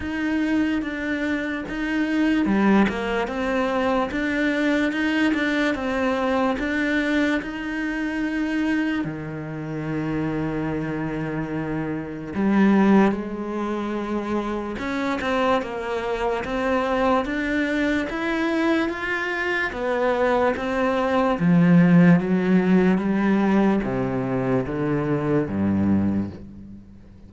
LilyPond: \new Staff \with { instrumentName = "cello" } { \time 4/4 \tempo 4 = 73 dis'4 d'4 dis'4 g8 ais8 | c'4 d'4 dis'8 d'8 c'4 | d'4 dis'2 dis4~ | dis2. g4 |
gis2 cis'8 c'8 ais4 | c'4 d'4 e'4 f'4 | b4 c'4 f4 fis4 | g4 c4 d4 g,4 | }